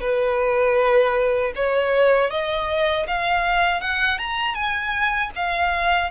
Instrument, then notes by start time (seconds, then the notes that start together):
violin
0.00 B4
1.55 C#5
2.30 D#5
3.07 F5
3.80 F#5
4.18 A#5
4.54 G#5
5.35 F5